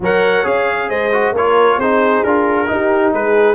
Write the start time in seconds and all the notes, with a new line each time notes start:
0.00 F#3 A#4 C#5 F#5
0.43 C#4 G#4 F5
0.89 G#3 C5 D#5
1.12 F#4
1.31 A#3 F4 A#4 C#5
1.77 C4 D#4 G#4 C5
2.23 D4 F4 A#4
2.66 D#4 G4
3.13 G#3 G#4 B4